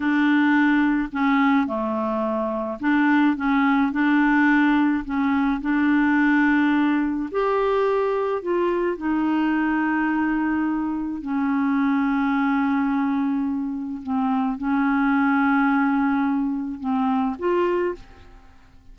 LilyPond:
\new Staff \with { instrumentName = "clarinet" } { \time 4/4 \tempo 4 = 107 d'2 cis'4 a4~ | a4 d'4 cis'4 d'4~ | d'4 cis'4 d'2~ | d'4 g'2 f'4 |
dis'1 | cis'1~ | cis'4 c'4 cis'2~ | cis'2 c'4 f'4 | }